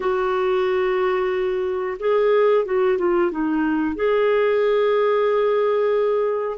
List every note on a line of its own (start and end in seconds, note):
0.00 1.97 F#4
1.99 2.65 G#4
2.65 2.98 F#4
2.98 3.31 F4
3.31 3.95 D#4
3.95 6.58 G#4